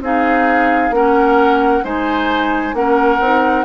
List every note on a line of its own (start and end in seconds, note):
0.00 0.90 C4
0.00 0.92 D#4
0.00 0.95 G#4
0.00 0.93 F5
0.90 1.81 A#3
0.90 1.83 C#4
0.90 1.84 A#4
0.90 1.84 F#5
1.83 2.73 G#3
1.83 2.74 D#4
1.83 2.75 C5
1.83 2.75 G#5
2.73 3.18 A#3
2.73 3.20 C#4
2.73 3.64 A#4
2.73 3.64 F#5
3.20 3.64 C4
3.20 3.64 D#4